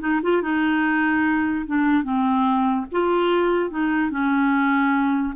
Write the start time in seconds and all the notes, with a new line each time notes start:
0.00 D#4
0.23 F4
0.42 D#4
1.66 D4
2.04 C4
2.92 F4
3.70 D#4
4.11 C#4